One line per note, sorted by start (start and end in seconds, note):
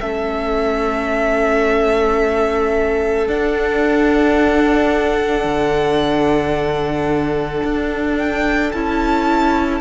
0.00 3.27 A3
0.00 3.27 C#4
0.00 9.80 A4
0.00 3.27 E5
3.27 8.72 D4
3.27 5.44 D4
3.27 8.17 F#5
5.44 7.62 D3
7.63 8.72 D4
8.17 8.72 G5
8.72 9.80 C#4
8.72 9.80 E4
8.72 9.80 A5